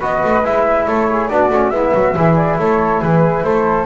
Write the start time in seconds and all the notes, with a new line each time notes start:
0.00 B3 F#4 B4 D#5
0.24 A3
0.45 G#3 E4 E5
0.88 A3 A4 C#5
1.10 G#4
1.29 B3 D4 F#4 D5
1.50 A3 C#4
1.70 G#3 B3 E4 E5
1.93 F#3 F#4
2.15 E3 E4 G#4
2.36 D5
2.59 A3 A4 C#5
3.01 E3 G#4 B4
3.44 A3 A4 C5